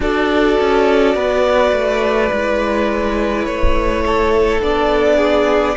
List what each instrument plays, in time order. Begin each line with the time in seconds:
0.00 cello D4, viola F#4, violin A4 D5
0.60 cello C#4
1.14 cello B3, violin B4
1.72 cello A3
2.31 cello G#3, viola E4
3.45 cello A3, violin C#5
4.05 violin A4
4.61 cello B3, viola D4, violin D5
5.16 violin G#4